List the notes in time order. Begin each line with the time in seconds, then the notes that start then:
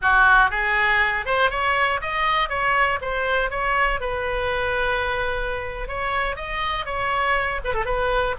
0.01 F#4
0.50 G#4
1.25 C5
1.50 C#5
2.01 D#5
2.49 C#5
3.01 C5
3.50 C#5
4.00 B4
5.88 C#5
6.35 D#5
6.85 C#5
7.64 B4
7.74 A4
7.85 B4